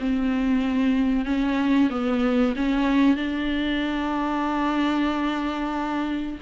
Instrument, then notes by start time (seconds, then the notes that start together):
viola
0.00 C4
1.26 C#4
1.90 B3
2.56 C#4
3.16 D4